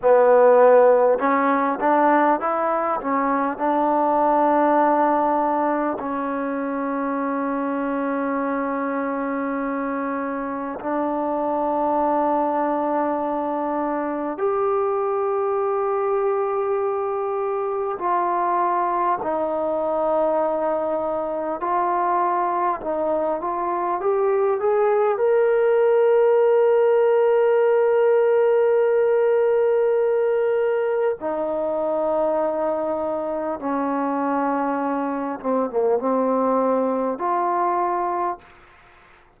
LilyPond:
\new Staff \with { instrumentName = "trombone" } { \time 4/4 \tempo 4 = 50 b4 cis'8 d'8 e'8 cis'8 d'4~ | d'4 cis'2.~ | cis'4 d'2. | g'2. f'4 |
dis'2 f'4 dis'8 f'8 | g'8 gis'8 ais'2.~ | ais'2 dis'2 | cis'4. c'16 ais16 c'4 f'4 | }